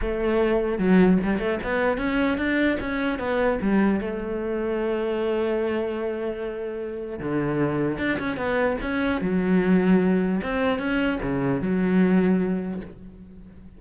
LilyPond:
\new Staff \with { instrumentName = "cello" } { \time 4/4 \tempo 4 = 150 a2 fis4 g8 a8 | b4 cis'4 d'4 cis'4 | b4 g4 a2~ | a1~ |
a2 d2 | d'8 cis'8 b4 cis'4 fis4~ | fis2 c'4 cis'4 | cis4 fis2. | }